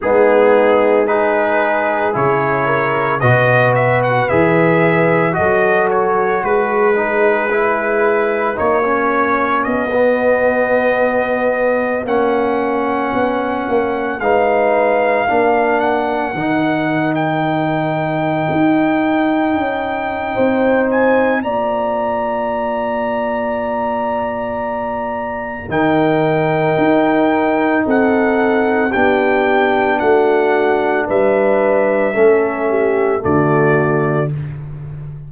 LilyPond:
<<
  \new Staff \with { instrumentName = "trumpet" } { \time 4/4 \tempo 4 = 56 gis'4 b'4 cis''4 dis''8 e''16 fis''16 | e''4 dis''8 cis''8 b'2 | cis''4 dis''2~ dis''16 fis''8.~ | fis''4~ fis''16 f''4. fis''4~ fis''16 |
g''2.~ g''8 gis''8 | ais''1 | g''2 fis''4 g''4 | fis''4 e''2 d''4 | }
  \new Staff \with { instrumentName = "horn" } { \time 4/4 dis'4 gis'4. ais'8 b'4~ | b'4 a'4 gis'2 | fis'1~ | fis'4~ fis'16 b'4 ais'4.~ ais'16~ |
ais'2. c''4 | d''1 | ais'2 a'4 g'4 | fis'4 b'4 a'8 g'8 fis'4 | }
  \new Staff \with { instrumentName = "trombone" } { \time 4/4 b4 dis'4 e'4 fis'4 | gis'4 fis'4. dis'8 e'4 | dis'16 cis'4 b2 cis'8.~ | cis'4~ cis'16 dis'4 d'4 dis'8.~ |
dis'1 | f'1 | dis'2. d'4~ | d'2 cis'4 a4 | }
  \new Staff \with { instrumentName = "tuba" } { \time 4/4 gis2 cis4 b,4 | e4 fis4 gis2 | ais4 b2~ b16 ais8.~ | ais16 b8 ais8 gis4 ais4 dis8.~ |
dis4~ dis16 dis'4 cis'8. c'4 | ais1 | dis4 dis'4 c'4 b4 | a4 g4 a4 d4 | }
>>